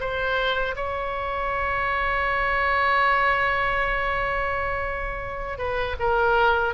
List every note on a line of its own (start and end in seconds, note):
0.00 0.75 C5
0.76 5.58 C#5
5.58 5.96 B4
5.99 6.74 A#4